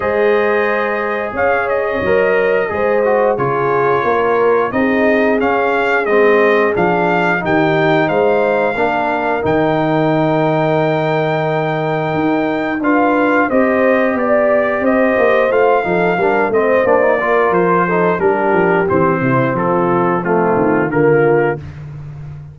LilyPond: <<
  \new Staff \with { instrumentName = "trumpet" } { \time 4/4 \tempo 4 = 89 dis''2 f''8 dis''4.~ | dis''4 cis''2 dis''4 | f''4 dis''4 f''4 g''4 | f''2 g''2~ |
g''2. f''4 | dis''4 d''4 dis''4 f''4~ | f''8 dis''8 d''4 c''4 ais'4 | c''4 a'4 f'4 ais'4 | }
  \new Staff \with { instrumentName = "horn" } { \time 4/4 c''2 cis''2 | c''4 gis'4 ais'4 gis'4~ | gis'2. g'4 | c''4 ais'2.~ |
ais'2. b'4 | c''4 d''4 c''4. a'8 | ais'8 c''4 ais'4 a'8 g'4~ | g'8 e'8 f'4 c'4 f'4 | }
  \new Staff \with { instrumentName = "trombone" } { \time 4/4 gis'2. ais'4 | gis'8 fis'8 f'2 dis'4 | cis'4 c'4 d'4 dis'4~ | dis'4 d'4 dis'2~ |
dis'2. f'4 | g'2. f'8 dis'8 | d'8 c'8 d'16 dis'16 f'4 dis'8 d'4 | c'2 a4 ais4 | }
  \new Staff \with { instrumentName = "tuba" } { \time 4/4 gis2 cis'4 fis4 | gis4 cis4 ais4 c'4 | cis'4 gis4 f4 dis4 | gis4 ais4 dis2~ |
dis2 dis'4 d'4 | c'4 b4 c'8 ais8 a8 f8 | g8 a8 ais4 f4 g8 f8 | e8 c8 f4. dis8 d4 | }
>>